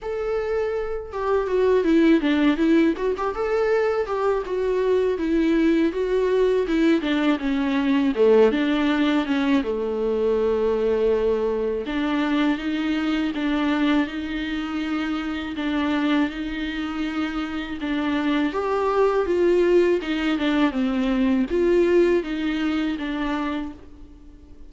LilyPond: \new Staff \with { instrumentName = "viola" } { \time 4/4 \tempo 4 = 81 a'4. g'8 fis'8 e'8 d'8 e'8 | fis'16 g'16 a'4 g'8 fis'4 e'4 | fis'4 e'8 d'8 cis'4 a8 d'8~ | d'8 cis'8 a2. |
d'4 dis'4 d'4 dis'4~ | dis'4 d'4 dis'2 | d'4 g'4 f'4 dis'8 d'8 | c'4 f'4 dis'4 d'4 | }